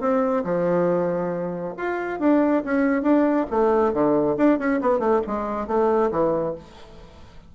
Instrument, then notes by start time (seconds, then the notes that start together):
bassoon
0.00 C4
0.44 F3
1.77 F4
2.20 D4
2.65 C#4
3.03 D4
3.51 A3
3.93 D3
4.37 D4
4.59 C#4
4.81 B3
4.99 A3
5.27 G#3
5.67 A3
6.11 E3